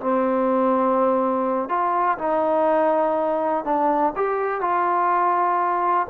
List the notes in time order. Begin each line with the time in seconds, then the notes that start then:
0.00 C4
1.69 F4
2.18 D#4
3.64 D4
4.16 G4
4.61 F4